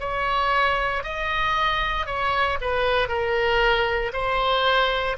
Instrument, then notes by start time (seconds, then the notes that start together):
oboe
0.00 C#5
1.03 D#5
2.07 C#5
2.61 B4
3.09 A#4
4.14 C5